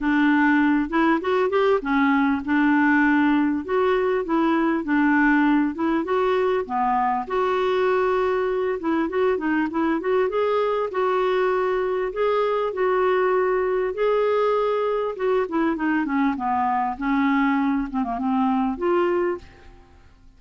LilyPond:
\new Staff \with { instrumentName = "clarinet" } { \time 4/4 \tempo 4 = 99 d'4. e'8 fis'8 g'8 cis'4 | d'2 fis'4 e'4 | d'4. e'8 fis'4 b4 | fis'2~ fis'8 e'8 fis'8 dis'8 |
e'8 fis'8 gis'4 fis'2 | gis'4 fis'2 gis'4~ | gis'4 fis'8 e'8 dis'8 cis'8 b4 | cis'4. c'16 ais16 c'4 f'4 | }